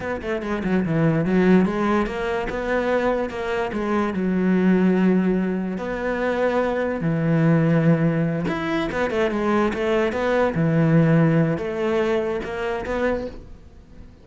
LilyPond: \new Staff \with { instrumentName = "cello" } { \time 4/4 \tempo 4 = 145 b8 a8 gis8 fis8 e4 fis4 | gis4 ais4 b2 | ais4 gis4 fis2~ | fis2 b2~ |
b4 e2.~ | e8 e'4 b8 a8 gis4 a8~ | a8 b4 e2~ e8 | a2 ais4 b4 | }